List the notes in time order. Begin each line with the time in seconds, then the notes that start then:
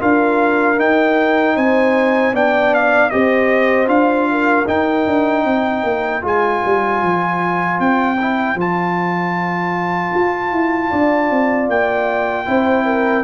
0.00 D4 F4 A#4 F5
0.78 D#4 G5
1.56 C4 C5 G#5
2.33 B3 D4 D5 G5
2.75 F5
3.10 C4 G4 C5 D#5
3.87 D4 F4 F5
4.31 A#4
4.67 D#4 G5
5.07 D4
5.45 C4 C5
5.84 A#3
6.22 G#3 F4 G#5
6.66 G3
7.03 F3
7.80 C4 G5
8.21 E4
8.55 F3 F4 A5
10.15 F4
10.52 E4
10.91 D4 D5
11.31 C4
11.69 A#3 G5
12.46 C4 E4 C5
12.86 A#4